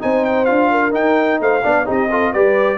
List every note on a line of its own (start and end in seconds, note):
0.00 0.49 C4
0.00 0.47 D#4
0.00 0.71 C5
0.00 0.25 G#5
0.25 0.45 G5
0.45 0.95 D4
0.45 0.92 F4
0.45 0.92 F5
0.71 1.41 A#4
0.92 1.62 D#4
0.92 1.41 D#4
0.92 1.41 G5
1.41 1.64 A3
1.41 1.64 C5
1.41 1.89 F5
1.64 1.88 B3
1.64 1.85 D4
1.64 1.86 D5
1.85 2.35 C4
1.85 2.08 D#4
1.85 2.10 G4
1.85 2.34 D#5
2.10 2.34 F4
2.10 2.33 A4
2.33 2.78 G3
2.33 2.78 G4
2.33 2.78 B4
2.33 2.78 D5